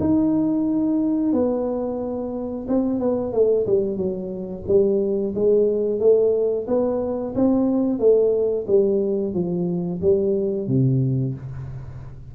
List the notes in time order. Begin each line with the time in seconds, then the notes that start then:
0.00 D#4
1.33 B3
2.68 C4
3.00 B3
3.33 A3
3.67 G3
3.97 F#3
4.68 G3
5.35 G#3
6.00 A3
6.67 B3
7.35 C4
7.99 A3
8.67 G3
9.34 F3
10.02 G3
10.68 C3